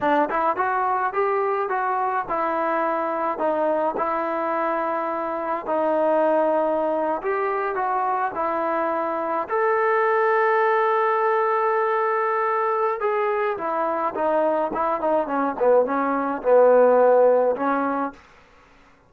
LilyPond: \new Staff \with { instrumentName = "trombone" } { \time 4/4 \tempo 4 = 106 d'8 e'8 fis'4 g'4 fis'4 | e'2 dis'4 e'4~ | e'2 dis'2~ | dis'8. g'4 fis'4 e'4~ e'16~ |
e'8. a'2.~ a'16~ | a'2. gis'4 | e'4 dis'4 e'8 dis'8 cis'8 b8 | cis'4 b2 cis'4 | }